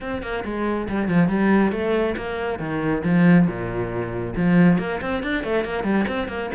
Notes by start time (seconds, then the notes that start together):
0.00 C4
0.22 A#3
0.44 G#3
0.89 G3
1.08 F3
1.28 G3
1.72 A3
2.17 A#3
2.59 D#3
3.04 F3
3.47 A#2
4.36 F3
4.78 A#3
5.01 C4
5.22 D4
5.43 A3
5.64 A#3
5.83 G3
6.08 C4
6.28 A#3